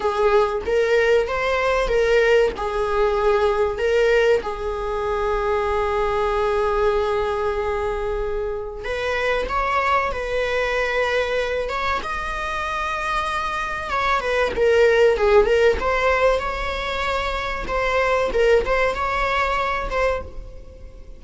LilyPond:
\new Staff \with { instrumentName = "viola" } { \time 4/4 \tempo 4 = 95 gis'4 ais'4 c''4 ais'4 | gis'2 ais'4 gis'4~ | gis'1~ | gis'2 b'4 cis''4 |
b'2~ b'8 cis''8 dis''4~ | dis''2 cis''8 b'8 ais'4 | gis'8 ais'8 c''4 cis''2 | c''4 ais'8 c''8 cis''4. c''8 | }